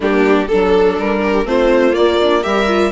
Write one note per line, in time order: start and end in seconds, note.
0.00 0.48 G3
0.00 0.46 A#3
0.00 0.48 D4
0.00 0.48 G4
0.48 0.98 F#3
0.48 1.45 D4
0.48 0.96 A4
0.48 1.21 A4
0.98 1.44 G3
0.98 1.46 A#4
1.22 1.46 G4
1.44 1.93 A3
1.44 1.92 C4
1.44 2.43 F4
1.44 1.94 C5
1.92 2.16 A#3
1.92 2.45 A#3
1.92 2.43 D5
2.22 2.42 D4
2.42 2.92 G3
2.42 2.66 G4
2.42 2.92 A#4
2.42 2.92 E5
2.67 2.92 F4